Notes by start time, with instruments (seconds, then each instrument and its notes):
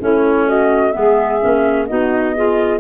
0.00 tuba A3, clarinet C#4, saxophone E4, flute C#5
0.47 saxophone F#4, flute D#5
0.92 tuba G#3, clarinet B3, saxophone G#4, flute E5
1.41 tuba A#3, clarinet C#4
1.87 tuba B3, clarinet D#4, saxophone F#4, flute D#5
2.35 clarinet F4, saxophone G#4